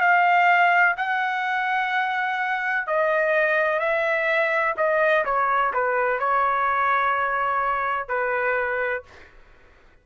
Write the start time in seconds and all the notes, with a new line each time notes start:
0.00 F5
0.97 F#5
2.87 D#5
3.79 E5
4.77 D#5
5.25 C#5
5.73 B4
6.19 C#5
8.08 B4